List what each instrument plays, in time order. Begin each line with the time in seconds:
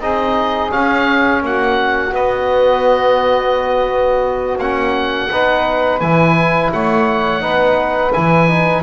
0.00 double bass C4, trombone D#4, saxophone G#4, oboe D#5
0.70 trombone C#4, double bass C#4, oboe F5
1.42 double bass A#3, saxophone F#4, oboe F#5
2.12 double bass B3, trombone B3, oboe D#5
4.58 double bass A#3, trombone C#4, oboe F#5
5.31 double bass B3, trombone D#4, saxophone B4
6.00 double bass E3, trombone E4, oboe G#5
6.72 double bass A3, saxophone C#5, oboe F#5
7.40 double bass B3, trombone D#4, saxophone B4
8.13 double bass E3, trombone E4, oboe G#5
8.48 trombone D#4